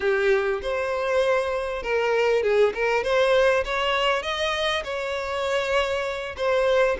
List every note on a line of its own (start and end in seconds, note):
0.00 0.61 G4
0.62 1.83 C5
1.83 2.42 A#4
2.42 2.73 G#4
2.74 3.03 A#4
3.03 3.64 C5
3.64 4.22 C#5
4.22 4.83 D#5
4.84 6.35 C#5
6.36 6.97 C5